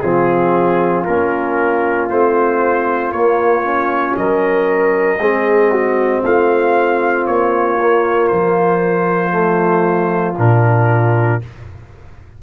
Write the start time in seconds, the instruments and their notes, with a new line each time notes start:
0.00 tuba F3, trombone C4, horn F4, trumpet G#4
1.04 tuba A#3, trombone C#4, trumpet A#4
2.09 tuba A3, trombone C4, trumpet C5
3.11 tuba A#3, trombone A#3, trumpet C#5
3.63 trombone C#4
4.16 tuba F#3, horn A#4, trumpet D#5
5.18 tuba G#3, trombone C4, horn G#4
5.71 horn F#4
6.23 tuba A3, horn F4, trumpet F5
7.26 tuba A#3, trumpet C#5
7.80 trombone A#3
8.27 tuba F3, trumpet C5
9.30 trombone A3
10.38 tuba A#2, trombone D4, trumpet A#4